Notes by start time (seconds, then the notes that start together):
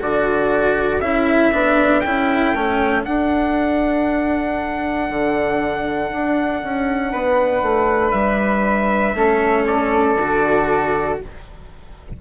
0.00 D3 F#4 A4 D5
1.00 C#4 E4 E5
1.53 B3 D4
2.00 C#4 E4 G5
2.54 A3 C#4
3.05 D4 F#5
5.09 D3
6.11 D4
6.63 C#4
7.12 B3 B4
7.62 A3
8.11 G3 E5
9.14 A3 C#4 A4
9.66 D5
10.17 D3 F#4